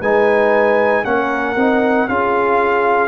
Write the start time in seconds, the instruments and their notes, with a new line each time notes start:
0.00 tuba G#3, trombone D#4, horn B4, trumpet G#5
1.05 tuba A#3, trombone C#4, horn A#4, trumpet F#5
1.56 tuba C4, trombone D#4
2.08 tuba C#4, trombone F4, horn G#4, trumpet F5